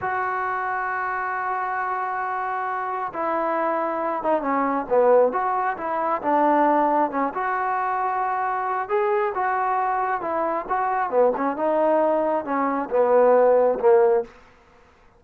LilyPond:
\new Staff \with { instrumentName = "trombone" } { \time 4/4 \tempo 4 = 135 fis'1~ | fis'2. e'4~ | e'4. dis'8 cis'4 b4 | fis'4 e'4 d'2 |
cis'8 fis'2.~ fis'8 | gis'4 fis'2 e'4 | fis'4 b8 cis'8 dis'2 | cis'4 b2 ais4 | }